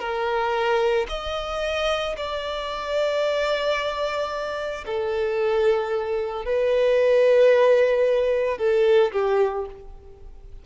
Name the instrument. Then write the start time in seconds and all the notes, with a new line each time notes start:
violin
0.00 A#4
1.09 D#5
2.17 D5
4.86 A4
6.46 B4
8.58 A4
9.12 G4